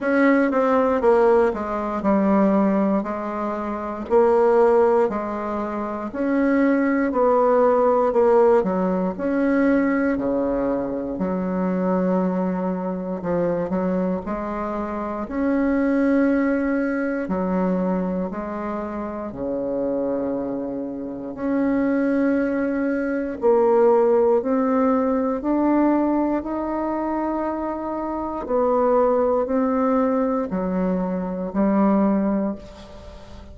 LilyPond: \new Staff \with { instrumentName = "bassoon" } { \time 4/4 \tempo 4 = 59 cis'8 c'8 ais8 gis8 g4 gis4 | ais4 gis4 cis'4 b4 | ais8 fis8 cis'4 cis4 fis4~ | fis4 f8 fis8 gis4 cis'4~ |
cis'4 fis4 gis4 cis4~ | cis4 cis'2 ais4 | c'4 d'4 dis'2 | b4 c'4 fis4 g4 | }